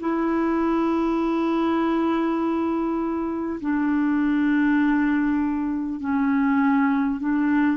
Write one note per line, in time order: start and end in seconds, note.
0.00 3.60 E4
3.61 6.00 D4
6.00 7.20 C#4
7.20 7.77 D4